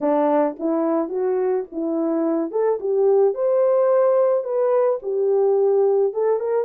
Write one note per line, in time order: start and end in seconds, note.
0.00 0.56 D4
0.59 1.08 E4
1.08 1.64 F#4
1.71 2.51 E4
2.51 2.79 A4
2.80 3.34 G4
3.34 4.43 C5
4.43 4.99 B4
5.02 6.13 G4
6.13 6.39 A4
6.39 6.64 A#4